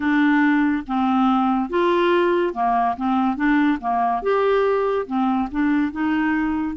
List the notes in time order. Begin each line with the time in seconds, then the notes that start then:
0.00 D4
0.87 C4
1.69 F4
2.53 A#3
2.96 C4
3.36 D4
3.80 A#3
4.22 G4
5.06 C4
5.51 D4
5.92 D#4